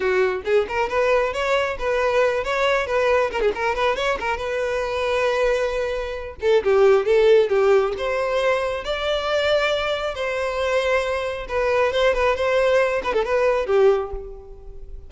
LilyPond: \new Staff \with { instrumentName = "violin" } { \time 4/4 \tempo 4 = 136 fis'4 gis'8 ais'8 b'4 cis''4 | b'4. cis''4 b'4 ais'16 gis'16 | ais'8 b'8 cis''8 ais'8 b'2~ | b'2~ b'8 a'8 g'4 |
a'4 g'4 c''2 | d''2. c''4~ | c''2 b'4 c''8 b'8 | c''4. b'16 a'16 b'4 g'4 | }